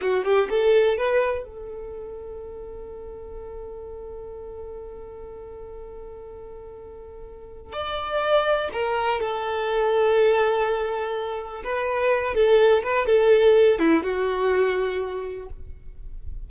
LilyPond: \new Staff \with { instrumentName = "violin" } { \time 4/4 \tempo 4 = 124 fis'8 g'8 a'4 b'4 a'4~ | a'1~ | a'1~ | a'1 |
d''2 ais'4 a'4~ | a'1 | b'4. a'4 b'8 a'4~ | a'8 e'8 fis'2. | }